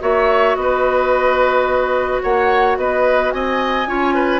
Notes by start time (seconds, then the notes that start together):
0.00 A#3 F#4 C#5 E5
0.55 B3 B4 D#5
2.22 A#3 C#5 F#5
2.77 B3 B4 D#5
3.31 C4 D#5 G#5
3.87 C#4 F4 C#5
4.15 B4